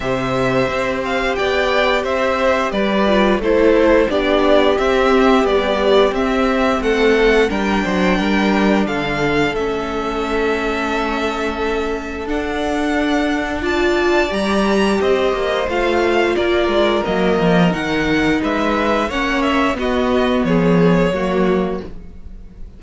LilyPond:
<<
  \new Staff \with { instrumentName = "violin" } { \time 4/4 \tempo 4 = 88 e''4. f''8 g''4 e''4 | d''4 c''4 d''4 e''4 | d''4 e''4 fis''4 g''4~ | g''4 f''4 e''2~ |
e''2 fis''2 | a''4 ais''4 dis''4 f''4 | d''4 dis''4 fis''4 e''4 | fis''8 e''8 dis''4 cis''2 | }
  \new Staff \with { instrumentName = "violin" } { \time 4/4 c''2 d''4 c''4 | b'4 a'4 g'2~ | g'2 a'4 ais'8 c''8 | ais'4 a'2.~ |
a'1 | d''2 c''2 | ais'2. b'4 | cis''4 fis'4 gis'4 fis'4 | }
  \new Staff \with { instrumentName = "viola" } { \time 4/4 g'1~ | g'8 f'8 e'4 d'4 c'4 | g4 c'2 d'4~ | d'2 cis'2~ |
cis'2 d'2 | f'4 g'2 f'4~ | f'4 ais4 dis'2 | cis'4 b2 ais4 | }
  \new Staff \with { instrumentName = "cello" } { \time 4/4 c4 c'4 b4 c'4 | g4 a4 b4 c'4 | b4 c'4 a4 g8 fis8 | g4 d4 a2~ |
a2 d'2~ | d'4 g4 c'8 ais8 a4 | ais8 gis8 fis8 f8 dis4 gis4 | ais4 b4 f4 fis4 | }
>>